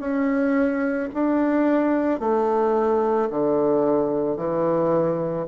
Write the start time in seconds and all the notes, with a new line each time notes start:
0.00 C#4
1.14 D4
2.20 A3
3.31 D3
4.37 E3